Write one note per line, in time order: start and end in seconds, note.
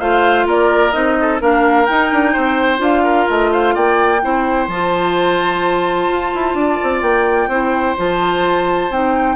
0.00 0.47 A3
0.00 0.92 F4
0.00 0.46 C5
0.00 0.47 F5
0.46 0.93 A#3
0.46 1.17 A#4
0.46 0.92 D5
0.92 1.41 C4
0.92 1.39 D#4
0.92 1.39 D#5
1.21 1.41 A4
1.40 1.88 A#3
1.40 1.87 D4
1.40 2.33 A#4
1.40 1.86 F5
1.86 2.78 D#4
1.86 2.12 D#4
1.86 2.79 G5
2.12 2.36 D4
2.33 2.79 C4
2.33 3.03 C5
2.78 3.26 D4
2.78 4.18 F4
2.78 3.29 F5
3.03 3.50 A#4
3.29 3.76 A3
3.29 3.53 D#5
3.53 3.74 C5
3.53 3.75 F5
3.74 4.23 A#3
3.74 4.21 D5
3.74 4.68 G5
4.22 4.68 C4
4.22 4.69 E4
4.22 6.58 C5
4.68 6.08 F3
4.68 7.51 F4
4.68 7.02 A5
6.08 6.32 F4
6.34 6.54 E4
6.54 6.78 D4
6.54 7.49 D5
6.83 7.02 C4
7.02 7.48 A#3
7.02 7.96 G5
7.48 7.94 C4
7.48 7.97 E4
7.48 9.36 C5
7.97 8.90 F3
7.97 8.91 F4
7.97 8.92 A5
8.90 9.36 C4
8.90 9.36 D#4
8.90 9.36 G5